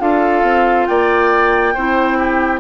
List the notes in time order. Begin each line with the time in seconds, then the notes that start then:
0.00 D4 F4 A4 F5
0.43 C4
0.87 A#3 D5 G5
1.75 C4 E4 C5
2.18 G4